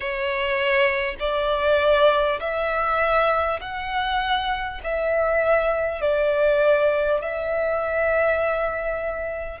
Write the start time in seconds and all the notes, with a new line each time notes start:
0.00 C#5
1.19 D5
2.39 E5
3.61 F#5
4.83 E5
6.01 D5
7.21 E5